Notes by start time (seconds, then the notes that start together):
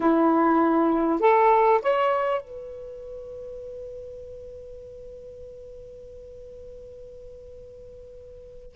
0.00 E4
1.20 A4
1.82 C#5
2.41 B4